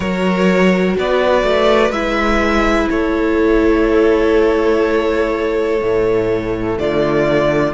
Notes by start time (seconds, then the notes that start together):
0.00 F#3 F#4 A#4 C#5
0.98 B3 B4 D5
1.43 A3
1.90 G#3 E4 E5
2.90 A3 A4 C#5
5.81 A2 A3
6.78 D3 F4 D5